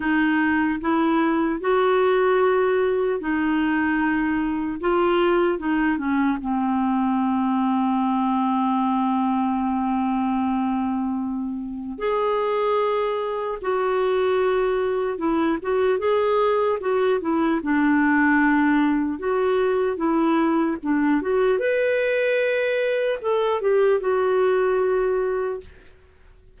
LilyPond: \new Staff \with { instrumentName = "clarinet" } { \time 4/4 \tempo 4 = 75 dis'4 e'4 fis'2 | dis'2 f'4 dis'8 cis'8 | c'1~ | c'2. gis'4~ |
gis'4 fis'2 e'8 fis'8 | gis'4 fis'8 e'8 d'2 | fis'4 e'4 d'8 fis'8 b'4~ | b'4 a'8 g'8 fis'2 | }